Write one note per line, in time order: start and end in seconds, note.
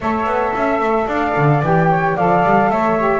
0.00 0.25 A3
0.00 1.64 A4
0.00 0.54 C#5
0.00 1.08 E5
0.25 0.52 B3
0.55 0.79 C#4
0.55 1.07 E5
0.79 1.06 A3
1.07 1.34 D4
1.07 1.89 D5
1.07 1.62 F5
1.36 1.62 D3
1.62 2.16 E3
1.62 2.16 G4
1.62 2.16 G5
1.89 2.16 C#5
2.16 2.43 F3
2.16 2.97 A4
2.16 2.70 D5
2.16 2.70 F5
2.43 2.69 G3
2.69 3.20 A3
2.69 3.20 C#5
2.69 3.20 E5
2.97 3.20 G4